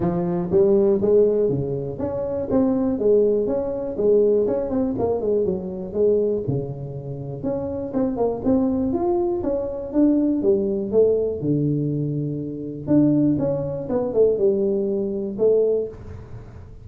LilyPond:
\new Staff \with { instrumentName = "tuba" } { \time 4/4 \tempo 4 = 121 f4 g4 gis4 cis4 | cis'4 c'4 gis4 cis'4 | gis4 cis'8 c'8 ais8 gis8 fis4 | gis4 cis2 cis'4 |
c'8 ais8 c'4 f'4 cis'4 | d'4 g4 a4 d4~ | d2 d'4 cis'4 | b8 a8 g2 a4 | }